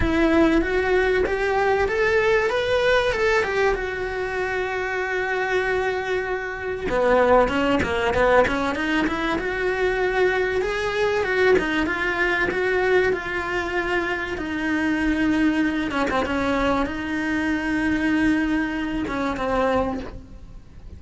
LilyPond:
\new Staff \with { instrumentName = "cello" } { \time 4/4 \tempo 4 = 96 e'4 fis'4 g'4 a'4 | b'4 a'8 g'8 fis'2~ | fis'2. b4 | cis'8 ais8 b8 cis'8 dis'8 e'8 fis'4~ |
fis'4 gis'4 fis'8 dis'8 f'4 | fis'4 f'2 dis'4~ | dis'4. cis'16 c'16 cis'4 dis'4~ | dis'2~ dis'8 cis'8 c'4 | }